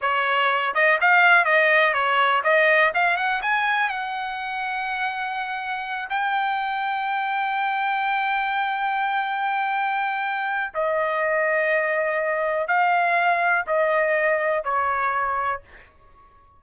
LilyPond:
\new Staff \with { instrumentName = "trumpet" } { \time 4/4 \tempo 4 = 123 cis''4. dis''8 f''4 dis''4 | cis''4 dis''4 f''8 fis''8 gis''4 | fis''1~ | fis''8 g''2.~ g''8~ |
g''1~ | g''2 dis''2~ | dis''2 f''2 | dis''2 cis''2 | }